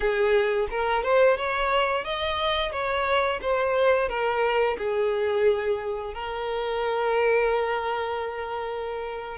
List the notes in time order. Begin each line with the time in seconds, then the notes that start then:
0.00 G#4
0.70 A#4
1.03 C5
1.37 C#5
2.04 D#5
2.71 C#5
3.41 C5
4.08 A#4
4.77 G#4
6.14 A#4